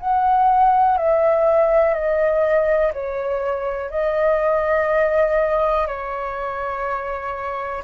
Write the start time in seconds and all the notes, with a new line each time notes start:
0.00 F#5
0.97 E5
1.94 D#5
2.93 C#5
3.90 D#5
5.87 C#5